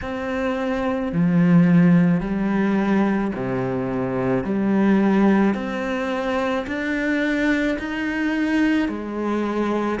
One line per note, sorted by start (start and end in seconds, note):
0.01 1.12 C4
1.12 2.20 F3
2.20 3.31 G3
3.35 4.43 C3
4.43 5.54 G3
5.54 6.65 C4
6.66 7.77 D4
7.78 8.88 D#4
8.88 9.99 G#3